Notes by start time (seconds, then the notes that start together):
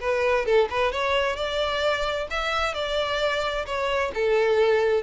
0.00 B4
0.45 A4
0.70 B4
0.91 C#5
1.36 D5
2.30 E5
2.74 D5
3.65 C#5
4.14 A4